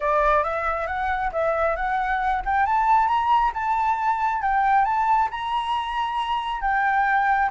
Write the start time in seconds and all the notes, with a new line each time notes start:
0.00 D5
0.43 E5
0.86 F#5
1.32 E5
1.76 F#5
2.45 G5
2.66 A5
3.07 A#5
3.54 A5
4.42 G5
4.84 A5
5.30 A#5
6.61 G5